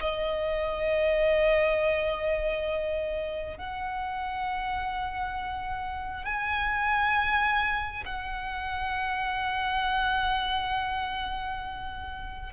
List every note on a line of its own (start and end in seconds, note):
0.00 3.58 D#5
3.58 6.25 F#5
6.25 8.04 G#5
8.05 12.53 F#5